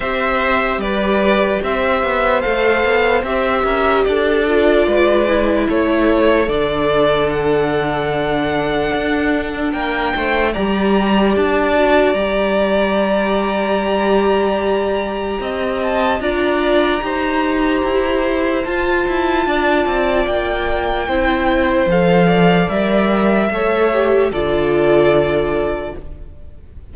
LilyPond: <<
  \new Staff \with { instrumentName = "violin" } { \time 4/4 \tempo 4 = 74 e''4 d''4 e''4 f''4 | e''4 d''2 cis''4 | d''4 fis''2. | g''4 ais''4 a''4 ais''4~ |
ais''2.~ ais''8 a''8 | ais''2. a''4~ | a''4 g''2 f''4 | e''2 d''2 | }
  \new Staff \with { instrumentName = "violin" } { \time 4/4 c''4 b'4 c''2~ | c''8 ais'8 a'4 b'4 a'4~ | a'1 | ais'8 c''8 d''2.~ |
d''2. dis''4 | d''4 c''2. | d''2 c''4. d''8~ | d''4 cis''4 a'2 | }
  \new Staff \with { instrumentName = "viola" } { \time 4/4 g'2. a'4 | g'4. f'4 e'4. | d'1~ | d'4 g'4. fis'8 g'4~ |
g'1 | f'4 g'2 f'4~ | f'2 e'4 a'4 | ais'4 a'8 g'8 f'2 | }
  \new Staff \with { instrumentName = "cello" } { \time 4/4 c'4 g4 c'8 b8 a8 b8 | c'8 cis'8 d'4 gis4 a4 | d2. d'4 | ais8 a8 g4 d'4 g4~ |
g2. c'4 | d'4 dis'4 e'4 f'8 e'8 | d'8 c'8 ais4 c'4 f4 | g4 a4 d2 | }
>>